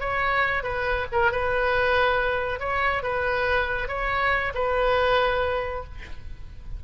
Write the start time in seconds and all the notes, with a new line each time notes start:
0.00 C#5
0.63 B4
1.12 A#4
1.31 B4
2.60 C#5
3.03 B4
3.88 C#5
4.55 B4